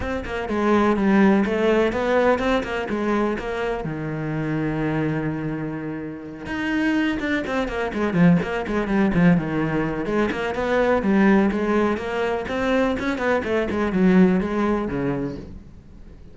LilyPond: \new Staff \with { instrumentName = "cello" } { \time 4/4 \tempo 4 = 125 c'8 ais8 gis4 g4 a4 | b4 c'8 ais8 gis4 ais4 | dis1~ | dis4. dis'4. d'8 c'8 |
ais8 gis8 f8 ais8 gis8 g8 f8 dis8~ | dis4 gis8 ais8 b4 g4 | gis4 ais4 c'4 cis'8 b8 | a8 gis8 fis4 gis4 cis4 | }